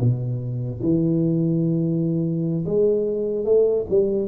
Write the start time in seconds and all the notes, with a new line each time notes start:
0.00 B2
0.83 E3
2.66 G#3
3.45 A3
3.90 G3